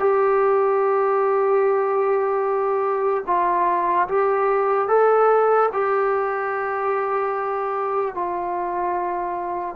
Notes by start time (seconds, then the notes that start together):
0.00 G4
3.27 F4
4.09 G4
4.89 A4
5.73 G4
8.15 F4